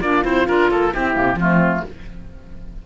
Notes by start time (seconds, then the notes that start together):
0.00 A#3 D4 F4 D5
0.23 C4 E4 C5
0.48 D4 F4 A#4
0.71 A#3 A4
0.92 C4 E4 G4
1.13 C3 A#3
1.35 F3 A3 C4 F4